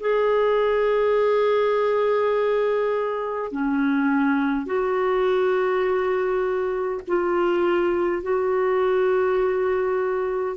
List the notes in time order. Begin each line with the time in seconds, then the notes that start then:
0.00 G#4
3.51 C#4
4.66 F#4
7.07 F4
8.22 F#4